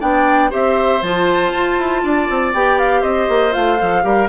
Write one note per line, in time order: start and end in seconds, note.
0.00 0.52 B3
0.00 0.50 D4
0.00 0.50 D5
0.00 0.51 G5
0.50 1.02 C4
0.50 1.01 G4
0.50 2.01 C5
0.50 1.02 E5
1.02 1.52 F3
1.02 2.55 F4
1.02 2.53 A5
1.53 1.78 F4
1.78 2.03 E4
2.03 2.29 D4
2.03 3.01 D5
2.29 2.53 C4
2.53 3.03 B3
2.53 3.52 G4
2.53 2.79 G5
2.79 3.03 F5
3.01 3.28 C4
3.01 4.02 C5
3.01 3.53 D#5
3.29 3.54 A#3
3.52 3.81 A3
3.52 3.77 F4
3.52 4.29 F5
3.79 4.04 F3
3.79 4.03 A4
4.03 4.29 G3
4.03 4.28 G4
4.03 4.29 A#4